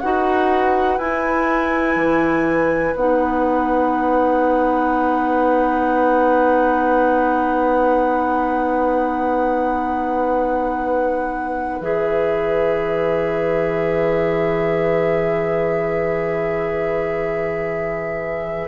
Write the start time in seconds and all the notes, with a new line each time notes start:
0.00 D#4 F#4 B4 F#5
0.98 E4 G#5
1.95 E3
2.95 B3 D#4 F#5
11.80 E3 G#4 E5